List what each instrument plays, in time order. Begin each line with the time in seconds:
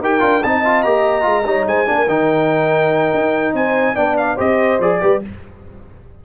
0.00 tuba D#4, trombone G4, horn A#4, trumpet G5
0.20 tuba D4, trombone F4
0.43 tuba C4, trombone D#4, horn D#5, trumpet A5
0.65 trombone F4
0.83 tuba A#3, trombone G4, trumpet A#5
1.22 tuba G#3, trombone F4
1.46 tuba G3, trombone D#4, horn C#5
1.67 tuba G#3, horn C5, trumpet G#5
1.87 tuba A#3, trombone D4, horn A#4
2.08 tuba D#3, trombone D#4, trumpet G5
3.14 tuba D#4
3.54 tuba C4, horn C5, trumpet G#5
3.95 tuba B3, trombone D4, horn D5, trumpet G5
4.18 trumpet F5
4.36 tuba C4, trombone G4, horn C5, trumpet D#5
4.80 tuba F3, trombone G#4, trumpet D5
5.02 tuba G3, trombone G4, horn B4